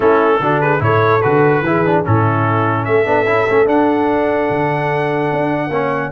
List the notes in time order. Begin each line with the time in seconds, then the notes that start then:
0.00 A3 C#4 E4 A4
0.39 D3 D4 F#4
0.60 G#4 B4
0.79 A2 E4 A4 C#5
1.21 D3 F#4 B4
1.61 E3 E4 G#4
1.85 D4
2.03 A2 C#4 E4 A4
2.85 A3 A4 E5
3.05 B3 D4
3.25 C#4 E4
3.49 A3 C#4
3.66 D4 F#5
4.50 D3
5.32 D4
5.68 A#3 C#4 C#5